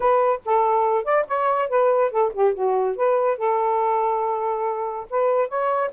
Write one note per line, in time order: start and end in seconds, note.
0.00 0.40 B4
0.45 1.04 A4
1.04 1.25 D5
1.27 1.68 C#5
1.68 2.11 B4
2.11 2.32 A4
2.33 2.54 G4
2.54 2.95 F#4
2.95 3.37 B4
3.37 5.06 A4
5.09 5.48 B4
5.48 5.90 C#5